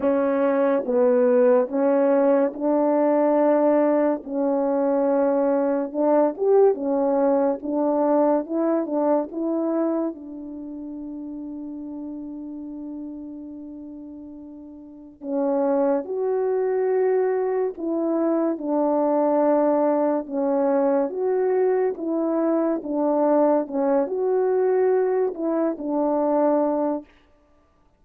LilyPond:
\new Staff \with { instrumentName = "horn" } { \time 4/4 \tempo 4 = 71 cis'4 b4 cis'4 d'4~ | d'4 cis'2 d'8 g'8 | cis'4 d'4 e'8 d'8 e'4 | d'1~ |
d'2 cis'4 fis'4~ | fis'4 e'4 d'2 | cis'4 fis'4 e'4 d'4 | cis'8 fis'4. e'8 d'4. | }